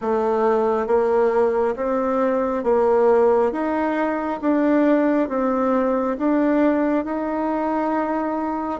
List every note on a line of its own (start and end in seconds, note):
0.01 0.87 A3
0.87 1.75 A#3
1.76 2.63 C4
2.63 3.51 A#3
3.51 4.40 D#4
4.41 5.29 D4
5.29 6.17 C4
6.18 7.04 D4
7.04 8.80 D#4